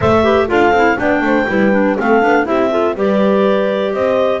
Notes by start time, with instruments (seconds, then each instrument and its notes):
0.00 double bass A3, clarinet A4 E5, horn C5
0.23 clarinet G4, horn B4
0.48 double bass D4, clarinet F4 F5, horn A4
0.70 double bass C4, clarinet E4
0.96 double bass B3, clarinet D4 G5, horn D5
1.21 double bass A3, horn C5
1.48 double bass G3, clarinet E4, horn B4
1.71 clarinet D4
1.98 double bass A3, clarinet C4 F5, horn A4
2.21 double bass B3, clarinet D4
2.45 double bass C4, clarinet E4 E5, horn G4
2.70 clarinet F4, horn A4
2.95 double bass G3, clarinet G4 D5, horn B4
3.92 double bass C4, horn C5, clarinet D#5